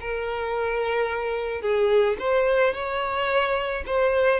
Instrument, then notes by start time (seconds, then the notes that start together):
violin
0.00 A#4
1.61 G#4
2.19 C5
2.73 C#5
3.86 C5